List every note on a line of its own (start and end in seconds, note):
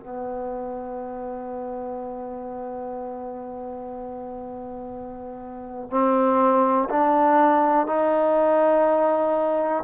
0.00 5.90 B3
5.90 6.89 C4
6.89 7.86 D4
7.86 9.83 D#4